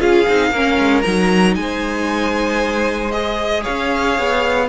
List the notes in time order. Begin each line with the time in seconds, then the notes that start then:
0.00 C#4 F4 G#4 F5
0.27 C4 D#4
0.52 A#3 C#4 A#4
0.78 G#3
1.02 F#3 D#4 A#5
1.55 G#3 C5 G#5
3.12 G#4 D#5
3.63 C#4 C#5 F5
4.19 B3